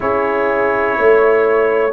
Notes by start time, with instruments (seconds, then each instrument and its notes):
0.00 tuba C#4, trombone E4, horn G#4, trumpet C#5
0.97 tuba A3, horn C#5